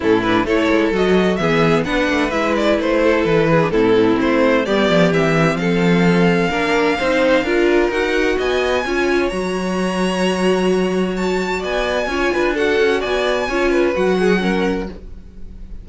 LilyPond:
<<
  \new Staff \with { instrumentName = "violin" } { \time 4/4 \tempo 4 = 129 a'8 b'8 cis''4 dis''4 e''4 | fis''4 e''8 d''8 c''4 b'4 | a'4 c''4 d''4 e''4 | f''1~ |
f''4 fis''4 gis''2 | ais''1 | a''4 gis''2 fis''4 | gis''2 fis''2 | }
  \new Staff \with { instrumentName = "violin" } { \time 4/4 e'4 a'2 gis'4 | b'2~ b'8 a'4 gis'8 | e'2 g'2 | a'2 ais'4 c''4 |
ais'2 dis''4 cis''4~ | cis''1~ | cis''4 d''4 cis''8 b'8 a'4 | d''4 cis''8 b'4 gis'8 ais'4 | }
  \new Staff \with { instrumentName = "viola" } { \time 4/4 cis'8 d'8 e'4 fis'4 b4 | d'4 e'2~ e'8. d'16 | c'2 b4 c'4~ | c'2 d'4 dis'4 |
f'4 fis'2 f'4 | fis'1~ | fis'2 f'4 fis'4~ | fis'4 f'4 fis'4 cis'4 | }
  \new Staff \with { instrumentName = "cello" } { \time 4/4 a,4 a8 gis8 fis4 e4 | b8 a8 gis4 a4 e4 | a,4 a4 g8 f8 e4 | f2 ais4 c'4 |
d'4 dis'4 b4 cis'4 | fis1~ | fis4 b4 cis'8 d'4 cis'8 | b4 cis'4 fis2 | }
>>